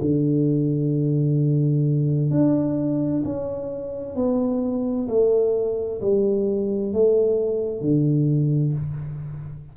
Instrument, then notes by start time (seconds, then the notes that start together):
tuba
0.00 D3
2.30 D4
3.24 C#4
4.15 B3
5.08 A3
6.00 G3
6.92 A3
7.81 D3